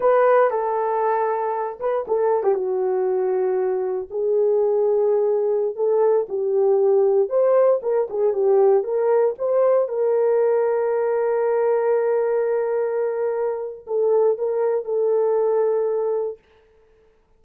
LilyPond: \new Staff \with { instrumentName = "horn" } { \time 4/4 \tempo 4 = 117 b'4 a'2~ a'8 b'8 | a'8. g'16 fis'2. | gis'2.~ gis'16 a'8.~ | a'16 g'2 c''4 ais'8 gis'16~ |
gis'16 g'4 ais'4 c''4 ais'8.~ | ais'1~ | ais'2. a'4 | ais'4 a'2. | }